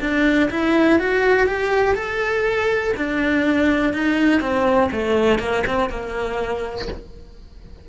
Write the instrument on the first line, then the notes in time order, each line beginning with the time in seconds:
cello
0.00 D4
0.50 E4
0.99 F#4
1.47 G4
1.94 A4
2.96 D4
3.93 D#4
4.40 C4
4.91 A3
5.39 A#3
5.66 C4
5.89 A#3